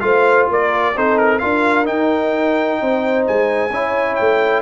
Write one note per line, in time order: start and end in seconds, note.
0.00 0.49 A3
0.00 0.93 F4
0.00 0.51 C5
0.00 0.46 F5
0.49 0.95 A#3
0.49 0.96 A#4
0.49 0.97 D5
0.96 1.42 C4
0.96 1.41 D#4
0.96 1.41 A4
0.96 1.17 C5
1.17 1.39 A#4
1.39 1.88 D4
1.39 1.85 F4
1.39 2.80 A#4
1.39 1.85 F5
1.85 3.69 D#4
1.85 2.80 D#4
1.85 3.25 G5
2.81 3.27 C4
2.81 3.73 C5
3.27 3.70 G#3
3.27 4.15 G#5
3.70 4.16 C#4
3.70 4.62 E4
3.70 4.62 C#5
4.15 4.62 A3
4.15 4.61 G5